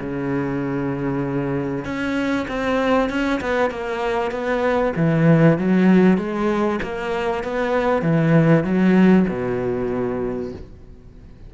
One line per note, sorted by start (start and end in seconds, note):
0.00 1.85 C#3
1.85 2.47 C#4
2.48 3.10 C4
3.10 3.40 C#4
3.41 3.70 B3
3.70 4.31 A#3
4.31 4.93 B3
4.96 5.58 E3
5.58 6.18 F#3
6.18 6.80 G#3
6.82 7.44 A#3
7.44 8.02 B3
8.02 8.64 E3
8.64 9.26 F#3
9.29 10.52 B2